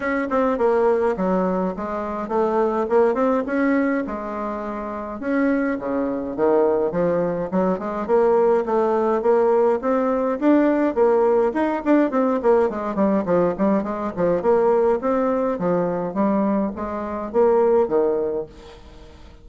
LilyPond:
\new Staff \with { instrumentName = "bassoon" } { \time 4/4 \tempo 4 = 104 cis'8 c'8 ais4 fis4 gis4 | a4 ais8 c'8 cis'4 gis4~ | gis4 cis'4 cis4 dis4 | f4 fis8 gis8 ais4 a4 |
ais4 c'4 d'4 ais4 | dis'8 d'8 c'8 ais8 gis8 g8 f8 g8 | gis8 f8 ais4 c'4 f4 | g4 gis4 ais4 dis4 | }